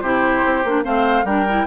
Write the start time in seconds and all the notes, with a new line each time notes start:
0.00 C3 E4 G4 C5
0.45 C4
0.64 A#3 D4
0.83 A3 C4 C5 F5
1.24 G3 D4 A#4 G5
1.49 E4